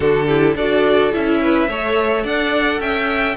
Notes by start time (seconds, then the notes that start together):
0.00 D3 D4 F#4 A4
0.26 E4 G4
0.54 D4 F#4 A4 D5
1.12 C#4 E4 E5
1.41 B4
1.68 A3 A4 C#5
2.24 D4 D5 F#5
2.80 C#4 E5 G5